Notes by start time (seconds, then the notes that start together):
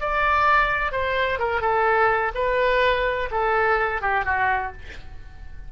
0.00 D5
0.92 C5
1.39 A#4
1.61 A4
2.35 B4
3.31 A4
4.01 G4
4.25 F#4